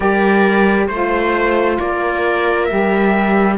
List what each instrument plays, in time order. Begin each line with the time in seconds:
0.00 cello G3, saxophone G4, viola A#4, trumpet D5
0.87 cello A3, saxophone F4, trumpet C5, viola C5
1.78 cello A#3, viola A#4, trumpet D5
2.65 saxophone G4, trumpet E5
2.71 cello G3